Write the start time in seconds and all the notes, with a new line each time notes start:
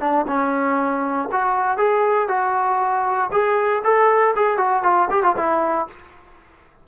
0.00 D4
0.27 C#4
1.32 F#4
1.77 G#4
2.28 F#4
3.31 G#4
3.83 A4
4.35 G#4
4.57 F#4
4.83 F4
5.10 G4
5.23 F4
5.36 E4